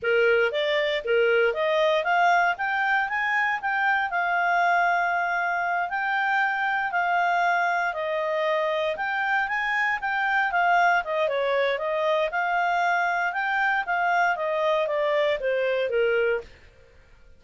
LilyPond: \new Staff \with { instrumentName = "clarinet" } { \time 4/4 \tempo 4 = 117 ais'4 d''4 ais'4 dis''4 | f''4 g''4 gis''4 g''4 | f''2.~ f''8 g''8~ | g''4. f''2 dis''8~ |
dis''4. g''4 gis''4 g''8~ | g''8 f''4 dis''8 cis''4 dis''4 | f''2 g''4 f''4 | dis''4 d''4 c''4 ais'4 | }